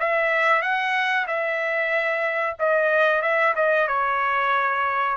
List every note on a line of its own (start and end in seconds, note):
0.00 0.62 E5
0.62 1.27 F#5
1.28 2.57 E5
2.60 3.22 D#5
3.22 3.55 E5
3.56 3.88 D#5
3.88 5.17 C#5